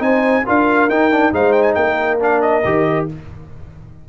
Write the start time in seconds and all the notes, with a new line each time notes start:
0.00 C4 D#4 C5 G#5
0.47 D4 F4 A#4 F5
0.89 D#4 G5
1.12 D4
1.33 G#3 D#4 C5 F5
1.53 G5
1.63 G#5
1.75 A#3 A#4 G5
2.20 D4 F5
2.42 D#5
2.65 D#3 G4